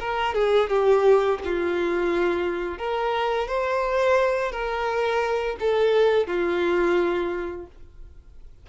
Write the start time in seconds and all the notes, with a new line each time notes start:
0.00 A#4
0.35 G#4
0.70 G4
1.45 F4
2.79 A#4
3.48 C5
4.52 A#4
5.60 A4
6.28 F4